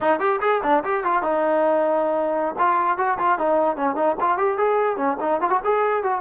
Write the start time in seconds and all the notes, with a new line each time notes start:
0.00 D#4
0.19 G4
0.41 G#4
0.63 D4
0.83 G4
1.04 F4
1.22 D#4
2.58 F4
2.97 F#4
3.18 F4
3.38 D#4
3.76 C#4
3.95 D#4
4.20 F4
4.37 G4
4.57 G#4
4.96 C#4
5.20 D#4
5.40 F4
5.50 F#4
5.64 G#4
6.03 F#4